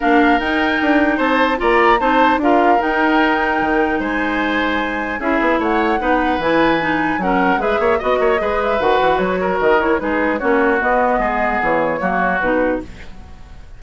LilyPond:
<<
  \new Staff \with { instrumentName = "flute" } { \time 4/4 \tempo 4 = 150 f''4 g''2 a''4 | ais''4 a''4 f''4 g''4~ | g''2 gis''2~ | gis''4 e''4 fis''2 |
gis''2 fis''4 e''4 | dis''4. e''8 fis''4 cis''4 | dis''8 cis''8 b'4 cis''4 dis''4~ | dis''4 cis''2 b'4 | }
  \new Staff \with { instrumentName = "oboe" } { \time 4/4 ais'2. c''4 | d''4 c''4 ais'2~ | ais'2 c''2~ | c''4 gis'4 cis''4 b'4~ |
b'2 ais'4 b'8 cis''8 | dis''8 cis''8 b'2~ b'8 ais'8~ | ais'4 gis'4 fis'2 | gis'2 fis'2 | }
  \new Staff \with { instrumentName = "clarinet" } { \time 4/4 d'4 dis'2. | f'4 dis'4 f'4 dis'4~ | dis'1~ | dis'4 e'2 dis'4 |
e'4 dis'4 cis'4 gis'4 | fis'4 gis'4 fis'2~ | fis'8 e'8 dis'4 cis'4 b4~ | b2 ais4 dis'4 | }
  \new Staff \with { instrumentName = "bassoon" } { \time 4/4 ais4 dis'4 d'4 c'4 | ais4 c'4 d'4 dis'4~ | dis'4 dis4 gis2~ | gis4 cis'8 b8 a4 b4 |
e2 fis4 gis8 ais8 | b8 ais8 gis4 dis8 e8 fis4 | dis4 gis4 ais4 b4 | gis4 e4 fis4 b,4 | }
>>